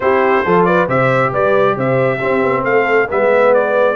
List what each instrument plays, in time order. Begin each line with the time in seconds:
0.00 tuba C4, trombone E4, horn G4, trumpet C5
0.44 tuba F3, trombone F4, horn A4
0.65 horn B4, trumpet D5
0.86 tuba C3, trombone G4, horn C5, trumpet E5
1.31 tuba G3, horn B4, trumpet D5
1.76 tuba C3, horn C5, trumpet E5
2.17 trombone C4, tuba C4, horn G4
2.42 tuba B3
2.63 tuba A3, horn A4, trumpet F5
3.08 tuba G#3, trombone B3, horn B4, trumpet E5
3.53 trumpet D5